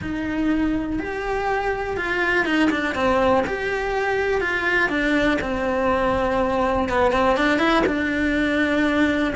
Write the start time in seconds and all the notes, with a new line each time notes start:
0.01 D#4
0.99 G4
1.96 F4
2.45 D#4
2.70 D4
2.94 C4
3.46 G4
4.40 F4
4.89 D4
5.41 C4
6.88 B3
7.12 C4
7.36 D4
7.58 E4
7.86 D4